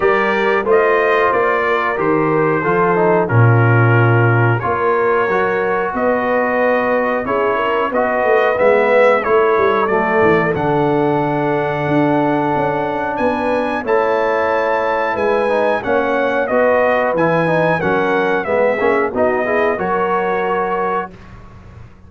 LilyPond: <<
  \new Staff \with { instrumentName = "trumpet" } { \time 4/4 \tempo 4 = 91 d''4 dis''4 d''4 c''4~ | c''4 ais'2 cis''4~ | cis''4 dis''2 cis''4 | dis''4 e''4 cis''4 d''4 |
fis''1 | gis''4 a''2 gis''4 | fis''4 dis''4 gis''4 fis''4 | e''4 dis''4 cis''2 | }
  \new Staff \with { instrumentName = "horn" } { \time 4/4 ais'4 c''4. ais'4. | a'4 f'2 ais'4~ | ais'4 b'2 gis'8 ais'8 | b'2 a'2~ |
a'1 | b'4 cis''2 b'4 | cis''4 b'2 ais'4 | gis'4 fis'8 gis'8 ais'2 | }
  \new Staff \with { instrumentName = "trombone" } { \time 4/4 g'4 f'2 g'4 | f'8 dis'8 cis'2 f'4 | fis'2. e'4 | fis'4 b4 e'4 a4 |
d'1~ | d'4 e'2~ e'8 dis'8 | cis'4 fis'4 e'8 dis'8 cis'4 | b8 cis'8 dis'8 e'8 fis'2 | }
  \new Staff \with { instrumentName = "tuba" } { \time 4/4 g4 a4 ais4 dis4 | f4 ais,2 ais4 | fis4 b2 cis'4 | b8 a8 gis4 a8 g8 fis8 e8 |
d2 d'4 cis'4 | b4 a2 gis4 | ais4 b4 e4 fis4 | gis8 ais8 b4 fis2 | }
>>